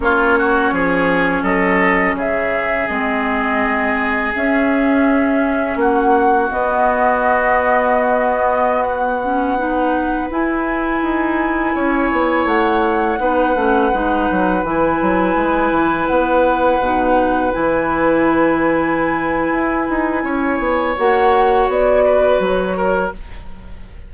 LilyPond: <<
  \new Staff \with { instrumentName = "flute" } { \time 4/4 \tempo 4 = 83 cis''2 dis''4 e''4 | dis''2 e''2 | fis''4 dis''2.~ | dis''16 fis''2 gis''4.~ gis''16~ |
gis''4~ gis''16 fis''2~ fis''8.~ | fis''16 gis''2 fis''4.~ fis''16~ | fis''16 gis''2.~ gis''8.~ | gis''4 fis''4 d''4 cis''4 | }
  \new Staff \with { instrumentName = "oboe" } { \time 4/4 f'8 fis'8 gis'4 a'4 gis'4~ | gis'1 | fis'1~ | fis'4~ fis'16 b'2~ b'8.~ |
b'16 cis''2 b'4.~ b'16~ | b'1~ | b'1 | cis''2~ cis''8 b'4 ais'8 | }
  \new Staff \with { instrumentName = "clarinet" } { \time 4/4 cis'1 | c'2 cis'2~ | cis'4 b2.~ | b8. cis'8 dis'4 e'4.~ e'16~ |
e'2~ e'16 dis'8 cis'8 dis'8.~ | dis'16 e'2. dis'8.~ | dis'16 e'2.~ e'8.~ | e'4 fis'2. | }
  \new Staff \with { instrumentName = "bassoon" } { \time 4/4 ais4 f4 fis4 cis4 | gis2 cis'2 | ais4 b2.~ | b2~ b16 e'4 dis'8.~ |
dis'16 cis'8 b8 a4 b8 a8 gis8 fis16~ | fis16 e8 fis8 gis8 e8 b4 b,8.~ | b,16 e2~ e8. e'8 dis'8 | cis'8 b8 ais4 b4 fis4 | }
>>